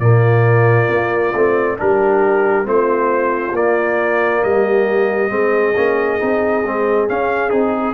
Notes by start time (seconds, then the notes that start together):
0.00 A#2 A#3 F4 D5
0.89 A#3
1.35 A3 C4
1.78 G3 D4 G4 A#4
2.65 A3 C4 F4 C5
3.53 A#3 D5
4.44 G3 G4 D#5
5.30 G#3 C4 G#4
5.76 A#3 C#4
6.19 C4 D#4
6.64 G#3 C4
7.09 C#4 F5
7.50 C4 D#4 G#4